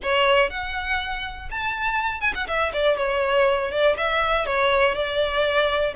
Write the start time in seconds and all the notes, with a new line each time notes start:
0.02 C#5
0.50 F#5
1.50 A5
2.21 G#5
2.34 F#5
2.47 E5
2.73 D5
2.97 C#5
3.71 D5
3.97 E5
4.46 C#5
4.95 D5